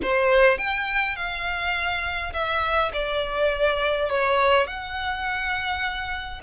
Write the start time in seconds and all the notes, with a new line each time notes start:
0.02 C5
0.57 G5
1.16 F5
2.33 E5
2.93 D5
4.09 C#5
4.66 F#5